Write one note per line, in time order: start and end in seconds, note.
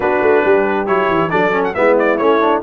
0.00 0.21 B3
0.00 0.86 D4
0.00 0.44 F#4
0.00 0.87 B4
0.21 0.43 A3
0.44 0.87 G3
0.44 1.30 G4
0.86 1.09 F#3
0.86 1.30 E4
0.86 1.29 C#5
1.09 1.31 E3
1.29 1.76 F#3
1.29 1.51 D4
1.29 1.73 A4
1.29 1.62 D5
1.51 1.73 C#4
1.64 1.74 F#5
1.74 2.20 G#3
1.74 2.19 B3
1.74 2.62 E4
1.74 1.96 E5
1.99 2.17 D5
2.17 2.62 A3
2.17 2.40 C#4
2.17 2.61 C#5
2.40 2.62 D4